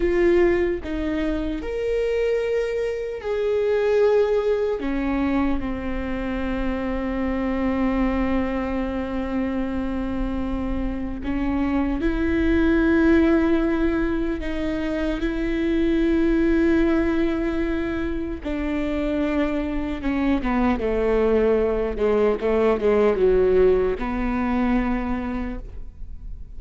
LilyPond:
\new Staff \with { instrumentName = "viola" } { \time 4/4 \tempo 4 = 75 f'4 dis'4 ais'2 | gis'2 cis'4 c'4~ | c'1~ | c'2 cis'4 e'4~ |
e'2 dis'4 e'4~ | e'2. d'4~ | d'4 cis'8 b8 a4. gis8 | a8 gis8 fis4 b2 | }